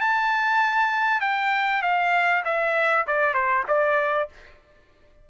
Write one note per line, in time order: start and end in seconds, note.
0.00 1.21 A5
1.21 1.82 G5
1.82 2.43 F5
2.44 3.06 E5
3.07 3.33 D5
3.33 3.64 C5
3.67 4.29 D5